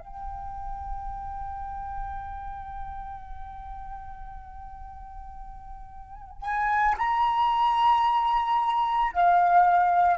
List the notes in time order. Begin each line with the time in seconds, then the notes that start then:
0.00 G5
6.42 G#5
6.98 A#5
9.13 F5